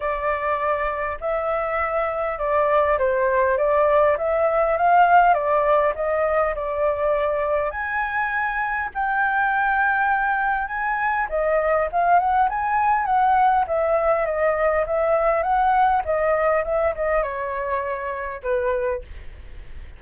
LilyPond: \new Staff \with { instrumentName = "flute" } { \time 4/4 \tempo 4 = 101 d''2 e''2 | d''4 c''4 d''4 e''4 | f''4 d''4 dis''4 d''4~ | d''4 gis''2 g''4~ |
g''2 gis''4 dis''4 | f''8 fis''8 gis''4 fis''4 e''4 | dis''4 e''4 fis''4 dis''4 | e''8 dis''8 cis''2 b'4 | }